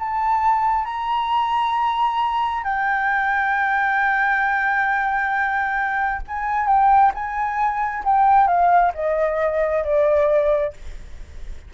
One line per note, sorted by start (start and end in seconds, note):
0.00 0.85 A5
0.85 2.64 A#5
2.64 6.22 G5
6.28 6.67 G#5
6.67 7.12 G5
7.15 8.04 G#5
8.05 8.47 G5
8.47 8.92 F5
8.95 9.84 D#5
9.84 10.74 D5